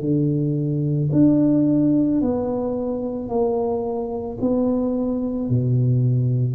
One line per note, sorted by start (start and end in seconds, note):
0.00 1.09 D3
1.12 2.21 D4
2.21 3.28 B3
3.28 4.37 A#3
4.41 5.49 B3
5.49 6.54 B2